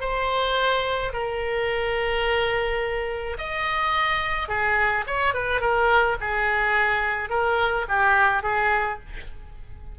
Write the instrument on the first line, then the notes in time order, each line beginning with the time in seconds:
oboe
0.00 C5
1.12 A#4
3.37 D#5
4.48 G#4
5.06 C#5
5.34 B4
5.60 A#4
6.20 G#4
7.29 A#4
7.88 G4
8.43 G#4